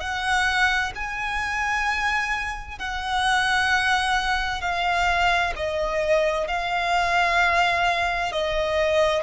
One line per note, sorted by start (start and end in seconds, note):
0.00 0.92 F#5
0.95 2.79 G#5
2.79 4.61 F#5
4.61 5.53 F5
5.56 6.47 D#5
6.47 8.32 F5
8.32 9.23 D#5